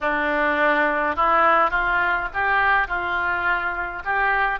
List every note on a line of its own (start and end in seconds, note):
0.00 1.15 D4
1.15 1.70 E4
1.70 2.28 F4
2.33 2.87 G4
2.87 4.02 F4
4.04 4.59 G4